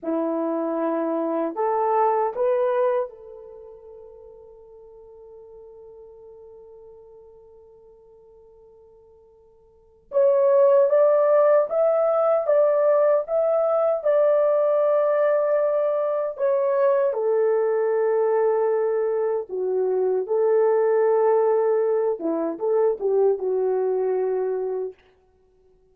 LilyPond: \new Staff \with { instrumentName = "horn" } { \time 4/4 \tempo 4 = 77 e'2 a'4 b'4 | a'1~ | a'1~ | a'4 cis''4 d''4 e''4 |
d''4 e''4 d''2~ | d''4 cis''4 a'2~ | a'4 fis'4 a'2~ | a'8 e'8 a'8 g'8 fis'2 | }